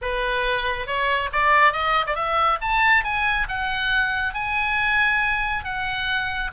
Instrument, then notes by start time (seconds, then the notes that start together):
oboe
0.01 B4
0.86 C#5
1.32 D5
1.73 D#5
2.06 D5
2.15 E5
2.61 A5
3.04 G#5
3.48 F#5
4.34 G#5
5.64 F#5